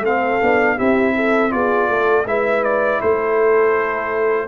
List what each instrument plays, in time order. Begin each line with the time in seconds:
0.00 tuba A3, trombone C4, horn A4, trumpet F5
0.41 tuba B3, trombone D4
0.76 tuba C4, trombone E4, horn G4, trumpet E5
1.15 horn A4
1.50 tuba B3, trombone F4, horn G#4, trumpet D5
1.88 tuba A3, horn A4
2.25 tuba G#3, trombone E4, horn B4, trumpet E5
2.63 trumpet D5
3.01 tuba A3, horn A4, trumpet C5